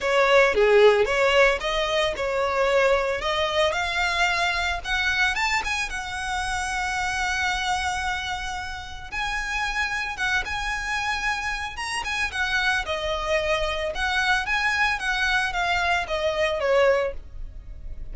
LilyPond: \new Staff \with { instrumentName = "violin" } { \time 4/4 \tempo 4 = 112 cis''4 gis'4 cis''4 dis''4 | cis''2 dis''4 f''4~ | f''4 fis''4 a''8 gis''8 fis''4~ | fis''1~ |
fis''4 gis''2 fis''8 gis''8~ | gis''2 ais''8 gis''8 fis''4 | dis''2 fis''4 gis''4 | fis''4 f''4 dis''4 cis''4 | }